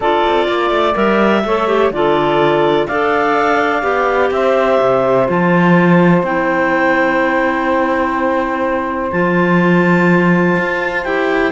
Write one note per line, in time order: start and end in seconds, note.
0.00 0.20 D4
0.00 0.94 F4
0.00 0.46 A4
0.00 0.95 D5
0.26 0.48 C4
0.47 0.70 A#3
0.47 1.43 D5
0.70 0.94 A3
0.94 1.44 G3
0.94 1.42 A#4
0.94 1.91 E5
1.44 1.90 A3
1.44 1.67 A4
1.44 1.93 C#5
1.67 1.91 G4
1.90 2.86 D3
1.90 2.89 F4
1.90 2.87 A4
1.90 2.86 D5
2.86 3.82 D4
2.86 3.81 A4
2.86 4.30 D5
2.86 4.30 F5
3.81 4.30 B3
3.81 5.25 G4
4.31 4.79 C4
4.31 11.52 C5
4.31 5.28 E5
4.80 5.28 C3
5.27 6.22 F3
5.27 6.23 F4
5.27 6.24 A5
6.22 9.10 C4
6.22 9.12 E4
6.22 9.11 G5
9.11 10.56 F3
9.11 11.04 F4
9.11 11.03 A5
10.57 11.05 F4
11.03 11.52 E4
11.03 11.52 G4
11.03 11.51 G5